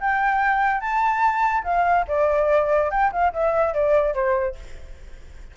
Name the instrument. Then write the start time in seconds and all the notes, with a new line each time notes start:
flute
0.00 G5
0.81 A5
1.64 F5
2.08 D5
2.91 G5
3.12 F5
3.33 E5
3.74 D5
4.14 C5